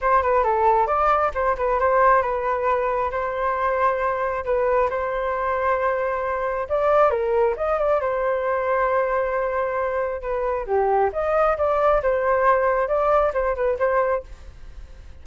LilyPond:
\new Staff \with { instrumentName = "flute" } { \time 4/4 \tempo 4 = 135 c''8 b'8 a'4 d''4 c''8 b'8 | c''4 b'2 c''4~ | c''2 b'4 c''4~ | c''2. d''4 |
ais'4 dis''8 d''8 c''2~ | c''2. b'4 | g'4 dis''4 d''4 c''4~ | c''4 d''4 c''8 b'8 c''4 | }